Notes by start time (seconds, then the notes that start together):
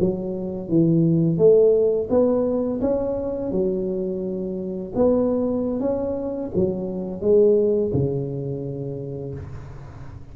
0.00 F#3
0.69 E3
1.38 A3
2.10 B3
2.81 C#4
3.51 F#3
4.95 B3
5.80 C#4
6.55 F#3
7.21 G#3
7.93 C#3